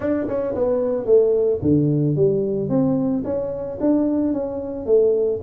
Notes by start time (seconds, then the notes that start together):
0.00 D4
0.27 C#4
0.54 B3
1.05 A3
1.62 D3
2.15 G3
2.69 C4
3.24 C#4
3.80 D4
4.33 C#4
4.86 A3